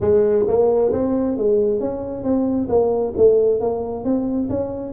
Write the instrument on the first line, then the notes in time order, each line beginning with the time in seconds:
tuba
0.00 G#3
0.47 A#3
0.92 C4
1.37 G#3
1.80 C#4
2.23 C4
2.68 A#3
3.16 A3
3.60 A#3
4.04 C4
4.49 C#4